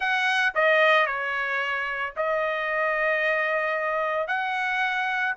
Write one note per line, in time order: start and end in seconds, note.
0.00 0.53 F#5
0.55 1.06 D#5
1.06 2.13 C#5
2.16 4.27 D#5
4.27 5.34 F#5